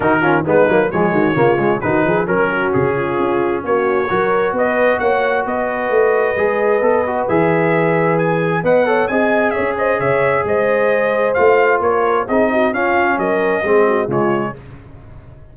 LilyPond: <<
  \new Staff \with { instrumentName = "trumpet" } { \time 4/4 \tempo 4 = 132 ais'4 b'4 cis''2 | b'4 ais'4 gis'2 | cis''2 dis''4 fis''4 | dis''1 |
e''2 gis''4 fis''4 | gis''4 e''8 dis''8 e''4 dis''4~ | dis''4 f''4 cis''4 dis''4 | f''4 dis''2 cis''4 | }
  \new Staff \with { instrumentName = "horn" } { \time 4/4 fis'8 f'8 dis'4 gis'8 fis'8 f'4 | fis'8 gis'8 ais'8 fis'4 f'4. | fis'4 ais'4 b'4 cis''4 | b'1~ |
b'2. dis''8 cis''8 | dis''4 cis''8 c''8 cis''4 c''4~ | c''2 ais'4 gis'8 fis'8 | f'4 ais'4 gis'8 fis'8 f'4 | }
  \new Staff \with { instrumentName = "trombone" } { \time 4/4 dis'8 cis'8 b8 ais8 gis4 ais8 gis8 | dis'4 cis'2.~ | cis'4 fis'2.~ | fis'2 gis'4 a'8 fis'8 |
gis'2. b'8 a'8 | gis'1~ | gis'4 f'2 dis'4 | cis'2 c'4 gis4 | }
  \new Staff \with { instrumentName = "tuba" } { \time 4/4 dis4 gis8 fis8 f8 dis8 cis4 | dis8 f8 fis4 cis4 cis'4 | ais4 fis4 b4 ais4 | b4 a4 gis4 b4 |
e2. b4 | c'4 cis'4 cis4 gis4~ | gis4 a4 ais4 c'4 | cis'4 fis4 gis4 cis4 | }
>>